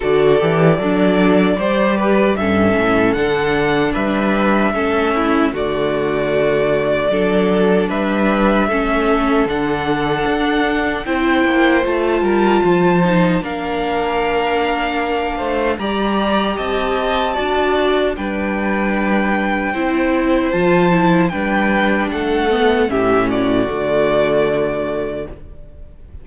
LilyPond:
<<
  \new Staff \with { instrumentName = "violin" } { \time 4/4 \tempo 4 = 76 d''2. e''4 | fis''4 e''2 d''4~ | d''2 e''2 | fis''2 g''4 a''4~ |
a''4 f''2. | ais''4 a''2 g''4~ | g''2 a''4 g''4 | fis''4 e''8 d''2~ d''8 | }
  \new Staff \with { instrumentName = "violin" } { \time 4/4 a'4 d'4 c''8 b'8 a'4~ | a'4 b'4 a'8 e'8 fis'4~ | fis'4 a'4 b'4 a'4~ | a'2 c''4. ais'8 |
c''4 ais'2~ ais'8 c''8 | d''4 dis''4 d''4 b'4~ | b'4 c''2 b'4 | a'4 g'8 fis'2~ fis'8 | }
  \new Staff \with { instrumentName = "viola" } { \time 4/4 fis'8 g'8 a'4 g'4 cis'4 | d'2 cis'4 a4~ | a4 d'2 cis'4 | d'2 e'4 f'4~ |
f'8 dis'8 d'2. | g'2 fis'4 d'4~ | d'4 e'4 f'8 e'8 d'4~ | d'8 b8 cis'4 a2 | }
  \new Staff \with { instrumentName = "cello" } { \time 4/4 d8 e8 fis4 g4 g,8 a,8 | d4 g4 a4 d4~ | d4 fis4 g4 a4 | d4 d'4 c'8 ais8 a8 g8 |
f4 ais2~ ais8 a8 | g4 c'4 d'4 g4~ | g4 c'4 f4 g4 | a4 a,4 d2 | }
>>